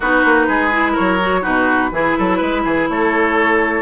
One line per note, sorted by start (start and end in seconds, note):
0.00 0.24 B3
0.00 0.71 D#4
0.00 0.46 F#4
0.00 0.96 B4
0.24 0.48 A#3
0.48 0.96 G#3
0.48 0.92 G#4
0.71 1.19 E4
0.92 1.40 A#4
0.92 1.43 C#5
0.99 1.45 F#3
1.20 1.42 F#4
1.42 1.91 B2
1.42 1.90 D#4
1.42 1.90 F#4
1.42 2.87 B4
1.91 2.15 E3
1.91 3.82 E4
1.91 2.18 G#4
2.18 2.41 F#3
2.18 2.37 A4
2.37 2.64 G#3
2.37 2.61 B4
2.64 2.88 E3
2.64 2.88 G#4
2.89 3.82 A3
2.89 3.82 A4
2.89 3.82 C#5